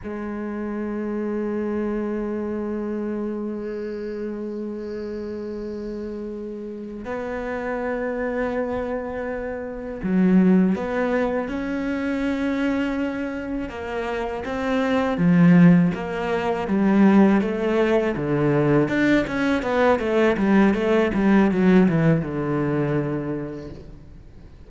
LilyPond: \new Staff \with { instrumentName = "cello" } { \time 4/4 \tempo 4 = 81 gis1~ | gis1~ | gis4. b2~ b8~ | b4. fis4 b4 cis'8~ |
cis'2~ cis'8 ais4 c'8~ | c'8 f4 ais4 g4 a8~ | a8 d4 d'8 cis'8 b8 a8 g8 | a8 g8 fis8 e8 d2 | }